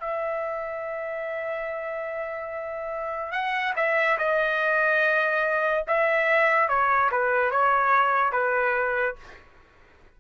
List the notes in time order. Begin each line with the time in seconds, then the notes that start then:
0.00 E5
3.32 F#5
3.77 E5
4.18 D#5
5.87 E5
6.69 C#5
7.12 B4
7.51 C#5
8.33 B4